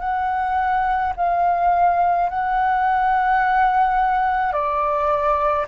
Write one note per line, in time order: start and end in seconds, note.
0.00 1.13 F#5
1.17 2.30 F5
2.30 4.53 F#5
4.53 5.66 D5